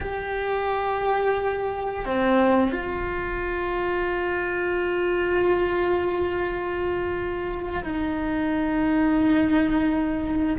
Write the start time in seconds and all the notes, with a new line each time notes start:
0.00 G4
2.05 C4
2.71 F4
7.83 D#4